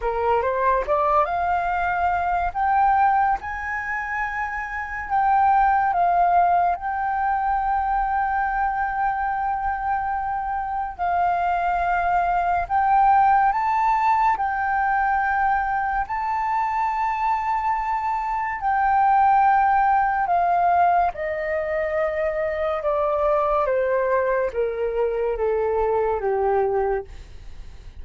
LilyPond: \new Staff \with { instrumentName = "flute" } { \time 4/4 \tempo 4 = 71 ais'8 c''8 d''8 f''4. g''4 | gis''2 g''4 f''4 | g''1~ | g''4 f''2 g''4 |
a''4 g''2 a''4~ | a''2 g''2 | f''4 dis''2 d''4 | c''4 ais'4 a'4 g'4 | }